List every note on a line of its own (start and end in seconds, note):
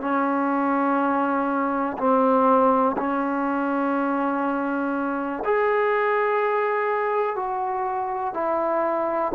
0.00 1.97 C#4
1.97 2.96 C4
2.97 5.43 C#4
5.44 7.35 G#4
7.35 8.33 F#4
8.33 9.32 E4